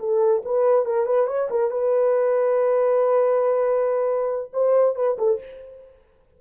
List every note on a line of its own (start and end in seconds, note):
0.00 0.43 A4
0.45 0.86 B4
0.86 1.06 A#4
1.06 1.27 B4
1.27 1.49 C#5
1.50 1.71 A#4
1.71 4.52 B4
4.54 4.96 C5
4.96 5.17 B4
5.19 5.40 A4